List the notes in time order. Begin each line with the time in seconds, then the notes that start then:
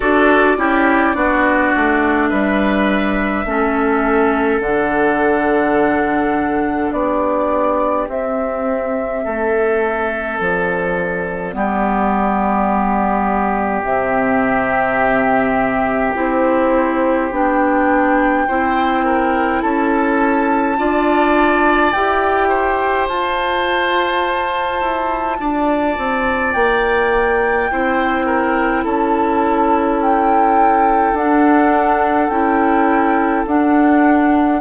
0.00 D4 F#4 A4 D5
0.57 C#4 E4 G4
1.14 B3 D4 F#4
1.75 A3
2.29 G3 B4 E5
3.45 A3 C#4 A4
4.60 D3 D4 F#5
6.92 B3 G4 D5
8.08 C4 E5
9.24 A3 A4
10.37 F3 D5
11.53 G3 B3 G4
13.83 C3 C4 E5
16.14 C4 E4 C5
17.31 B3 D4 G5
18.47 C4 E4 C5
19.04 A#4
19.61 C#4 A4 A5
20.77 D4 F4 D5
21.91 E4 G4 G5
22.48 C5
23.08 F4 A5
24.81 E4
25.39 D4 D5
25.97 C4
26.52 A#3 G5
27.70 C4 E4 C5
28.26 A#4
28.83 C#4 A4 A5
30.01 G5
31.13 D4 F#5
32.29 C#4 E4 G5
33.46 D4 F#5